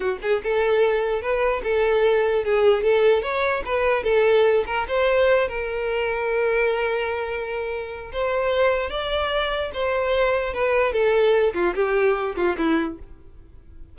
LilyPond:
\new Staff \with { instrumentName = "violin" } { \time 4/4 \tempo 4 = 148 fis'8 gis'8 a'2 b'4 | a'2 gis'4 a'4 | cis''4 b'4 a'4. ais'8 | c''4. ais'2~ ais'8~ |
ais'1 | c''2 d''2 | c''2 b'4 a'4~ | a'8 f'8 g'4. f'8 e'4 | }